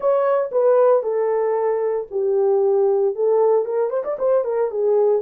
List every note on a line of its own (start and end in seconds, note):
0.00 0.50 C#5
0.51 1.02 B4
1.02 2.07 A4
2.10 3.15 G4
3.15 3.65 A4
3.65 3.90 A#4
3.90 4.03 C5
4.04 4.17 D5
4.19 4.44 C5
4.44 4.70 A#4
4.70 5.22 G#4